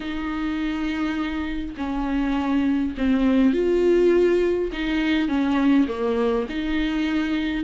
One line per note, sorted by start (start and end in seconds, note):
0.00 1.75 D#4
1.77 2.94 C#4
2.97 3.53 C4
3.53 4.70 F4
4.72 5.28 D#4
5.28 5.87 C#4
5.88 6.47 A#3
6.49 7.64 D#4